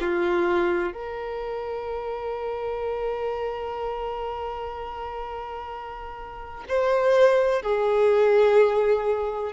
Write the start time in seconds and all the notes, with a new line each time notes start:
0.00 F4
0.93 A#4
6.69 C5
7.62 G#4